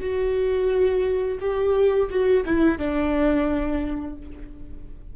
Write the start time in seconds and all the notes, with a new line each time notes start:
0.00 F#4
1.40 G4
2.09 F#4
2.45 E4
2.78 D4